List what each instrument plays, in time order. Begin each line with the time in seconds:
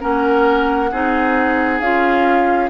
0.00 bassoon A#3, clarinet C#4, oboe A#4, flute F#5
0.91 bassoon C4, clarinet D#4, oboe G#4
1.80 bassoon C#4, clarinet F4, flute F5